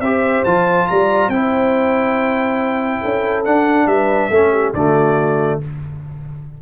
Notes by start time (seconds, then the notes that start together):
0.00 C4 G4 C5 E5
0.44 F3 F4 A5
0.87 G3 D5 A#5
1.28 C4 E4 C5 G5
3.01 C#4 A4
3.44 D4 F#5
3.86 G3 B4 E5
4.30 A3 C#4 A4
4.52 G4
4.73 D3 A3 F#4 D5